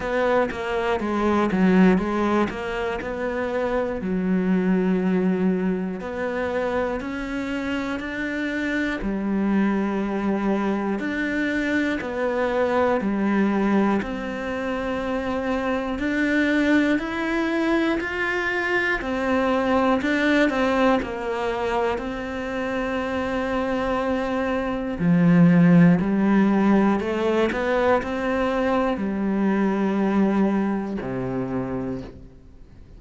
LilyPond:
\new Staff \with { instrumentName = "cello" } { \time 4/4 \tempo 4 = 60 b8 ais8 gis8 fis8 gis8 ais8 b4 | fis2 b4 cis'4 | d'4 g2 d'4 | b4 g4 c'2 |
d'4 e'4 f'4 c'4 | d'8 c'8 ais4 c'2~ | c'4 f4 g4 a8 b8 | c'4 g2 c4 | }